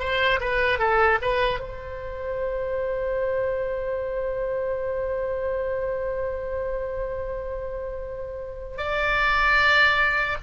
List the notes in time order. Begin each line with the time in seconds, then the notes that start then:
0.00 C5
0.41 B4
0.79 A4
1.22 B4
1.60 C5
8.78 D5